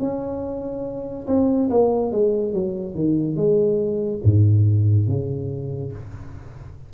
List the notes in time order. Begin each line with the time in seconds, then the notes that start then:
0.00 C#4
1.27 C4
1.70 A#3
2.12 G#3
2.53 F#3
2.94 D#3
3.36 G#3
4.24 G#2
5.08 C#3